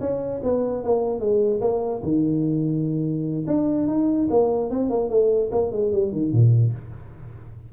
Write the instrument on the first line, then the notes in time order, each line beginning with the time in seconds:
tuba
0.00 C#4
0.43 B3
0.84 A#3
1.19 G#3
1.61 A#3
2.03 D#3
3.47 D4
3.87 D#4
4.30 A#3
4.70 C4
4.90 A#3
5.09 A3
5.51 A#3
5.72 G#3
5.92 G3
6.12 D#3
6.32 A#2